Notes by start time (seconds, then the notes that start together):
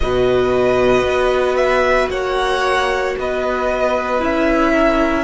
0.00 B2 F#4 B4 D#5
1.02 B3
1.55 E5
2.10 A#3 C#5 F#5
3.18 B3 B4 D#5
4.19 C#4 E4 E5
4.73 A#4